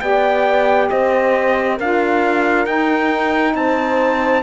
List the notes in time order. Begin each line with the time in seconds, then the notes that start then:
0.00 B3 G4 D5 G5
0.89 C4 C5 D#5
1.76 D4 F4 A#4 F5
2.65 D#4 G5
3.54 C4 C5 A5